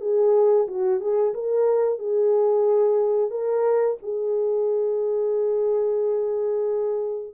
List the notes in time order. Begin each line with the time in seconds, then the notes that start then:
0.00 G#4
0.67 F#4
1.00 G#4
1.33 A#4
1.98 G#4
3.30 A#4
4.02 G#4